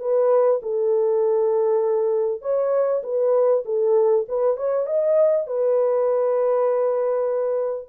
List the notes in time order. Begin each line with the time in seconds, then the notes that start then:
0.00 B4
0.63 A4
2.42 C#5
3.04 B4
3.66 A4
4.29 B4
4.57 C#5
4.87 D#5
5.47 B4